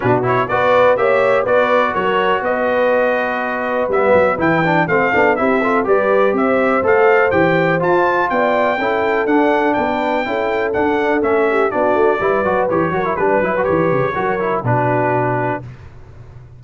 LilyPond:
<<
  \new Staff \with { instrumentName = "trumpet" } { \time 4/4 \tempo 4 = 123 b'8 cis''8 d''4 e''4 d''4 | cis''4 dis''2. | e''4 g''4 f''4 e''4 | d''4 e''4 f''4 g''4 |
a''4 g''2 fis''4 | g''2 fis''4 e''4 | d''2 cis''4 b'4 | cis''2 b'2 | }
  \new Staff \with { instrumentName = "horn" } { \time 4/4 fis'4 b'4 cis''4 b'4 | ais'4 b'2.~ | b'2 a'4 g'8 a'8 | b'4 c''2.~ |
c''4 d''4 a'2 | b'4 a'2~ a'8 g'8 | fis'4 b'4. ais'8 b'4~ | b'4 ais'4 fis'2 | }
  \new Staff \with { instrumentName = "trombone" } { \time 4/4 d'8 e'8 fis'4 g'4 fis'4~ | fis'1 | b4 e'8 d'8 c'8 d'8 e'8 f'8 | g'2 a'4 g'4 |
f'2 e'4 d'4~ | d'4 e'4 d'4 cis'4 | d'4 e'8 fis'8 g'8 fis'16 e'16 d'8 e'16 fis'16 | g'4 fis'8 e'8 d'2 | }
  \new Staff \with { instrumentName = "tuba" } { \time 4/4 b,4 b4 ais4 b4 | fis4 b2. | g8 fis8 e4 a8 b8 c'4 | g4 c'4 a4 e4 |
f'4 b4 cis'4 d'4 | b4 cis'4 d'4 a4 | b8 a8 g8 fis8 e8 fis8 g8 fis8 | e8 cis8 fis4 b,2 | }
>>